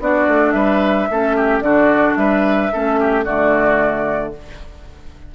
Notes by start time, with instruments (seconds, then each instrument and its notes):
0.00 bassoon B3, clarinet D4, oboe F#4, flute D5
0.28 bassoon A3
0.51 bassoon G3, oboe B4, flute E5
1.10 bassoon A3, clarinet C#4, oboe A4
1.36 oboe G4
1.60 bassoon D3, clarinet D4, oboe F#4, flute D5
2.16 bassoon G3, oboe B4, flute E5
2.73 bassoon A3, clarinet C#4, oboe A4
3.00 oboe G4
3.25 bassoon D3, clarinet A3, oboe F#4, flute D5